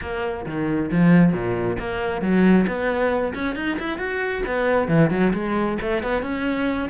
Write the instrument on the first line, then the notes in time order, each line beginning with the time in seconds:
cello
0.01 A#3
0.46 D#3
0.91 F3
1.33 A#2
1.79 A#3
2.21 F#3
2.67 B3
3.34 C#4
3.55 D#4
3.79 E4
3.98 F#4
4.46 B3
4.88 E3
5.10 F#3
5.33 G#3
5.81 A3
6.02 B3
6.22 C#4